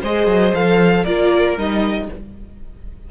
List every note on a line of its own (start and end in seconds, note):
0.00 0.27 G#3
0.00 0.54 G#4
0.00 1.03 C5
0.00 0.54 D#5
0.27 0.52 F#3
0.54 1.05 F3
0.54 1.06 A4
0.54 1.04 F5
1.03 1.56 A#3
1.03 1.57 F4
1.03 2.07 A#4
1.03 1.56 D5
1.56 2.08 G3
1.56 2.09 D#4
1.56 2.10 D#5